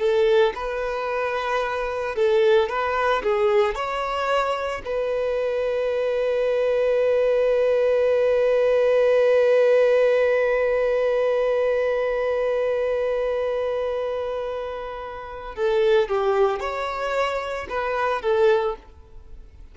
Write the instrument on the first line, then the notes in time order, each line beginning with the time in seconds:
violin
0.00 A4
0.56 B4
2.16 A4
2.69 B4
3.23 G#4
3.75 C#5
4.86 B4
15.56 A4
16.09 G4
16.60 C#5
17.70 B4
18.22 A4